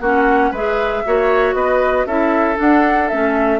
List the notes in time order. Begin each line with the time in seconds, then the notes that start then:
0.00 A#3 C#4 F#4 F#5
0.51 G#3 G#4 B4 E5
1.05 A#3 F#4 C#5
1.54 B3 B4 D#5
2.05 C#4 E4 A4 E5
2.55 D4 F#5
3.08 A3 C#4 E5